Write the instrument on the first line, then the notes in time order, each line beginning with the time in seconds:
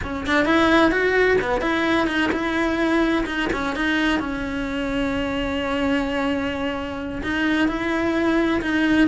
cello
0.03 C#4
0.26 D4
0.45 E4
0.91 F#4
1.41 B3
1.61 E4
2.07 D#4
2.32 E4
3.26 D#4
3.52 C#4
3.75 D#4
4.19 C#4
7.23 D#4
7.68 E4
8.61 D#4